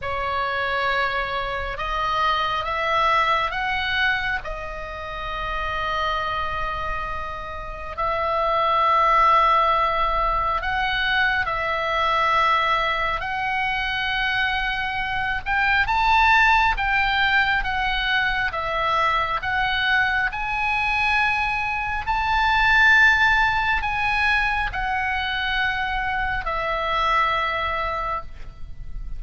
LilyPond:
\new Staff \with { instrumentName = "oboe" } { \time 4/4 \tempo 4 = 68 cis''2 dis''4 e''4 | fis''4 dis''2.~ | dis''4 e''2. | fis''4 e''2 fis''4~ |
fis''4. g''8 a''4 g''4 | fis''4 e''4 fis''4 gis''4~ | gis''4 a''2 gis''4 | fis''2 e''2 | }